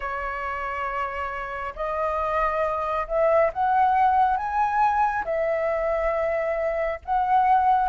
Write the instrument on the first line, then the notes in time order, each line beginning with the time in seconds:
flute
0.00 C#5
1.75 D#5
3.07 E5
3.53 F#5
4.36 G#5
5.24 E5
7.05 F#5